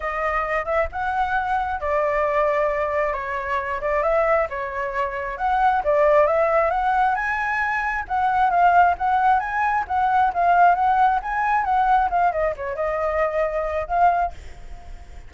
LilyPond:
\new Staff \with { instrumentName = "flute" } { \time 4/4 \tempo 4 = 134 dis''4. e''8 fis''2 | d''2. cis''4~ | cis''8 d''8 e''4 cis''2 | fis''4 d''4 e''4 fis''4 |
gis''2 fis''4 f''4 | fis''4 gis''4 fis''4 f''4 | fis''4 gis''4 fis''4 f''8 dis''8 | cis''8 dis''2~ dis''8 f''4 | }